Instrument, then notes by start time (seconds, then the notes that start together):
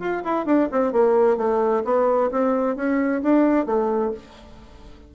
bassoon
0.00 F4
0.25 E4
0.46 D4
0.72 C4
0.93 A#3
1.38 A3
1.85 B3
2.32 C4
2.76 C#4
3.23 D4
3.66 A3